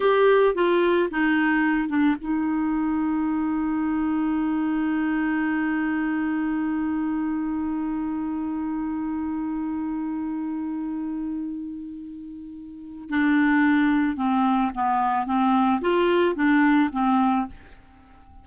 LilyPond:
\new Staff \with { instrumentName = "clarinet" } { \time 4/4 \tempo 4 = 110 g'4 f'4 dis'4. d'8 | dis'1~ | dis'1~ | dis'1~ |
dis'1~ | dis'1 | d'2 c'4 b4 | c'4 f'4 d'4 c'4 | }